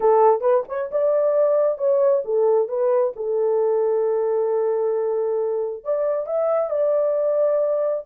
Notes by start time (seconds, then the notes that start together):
0.00 A4
0.41 B4
0.68 C#5
0.91 D5
1.78 C#5
2.24 A4
2.68 B4
3.15 A4
5.84 D5
6.26 E5
6.69 D5